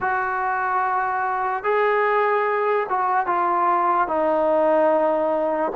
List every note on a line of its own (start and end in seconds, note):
0.00 1.63 F#4
1.63 2.86 G#4
2.89 3.26 F#4
3.26 4.07 F4
4.07 5.72 D#4